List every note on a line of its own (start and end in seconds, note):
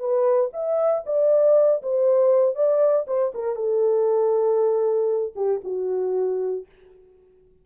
0.00 0.51 B4
0.54 1.04 E5
1.06 1.83 D5
1.83 2.56 C5
2.56 3.06 D5
3.08 3.33 C5
3.35 3.56 A#4
3.56 5.34 A4
5.36 5.61 G4
5.65 6.66 F#4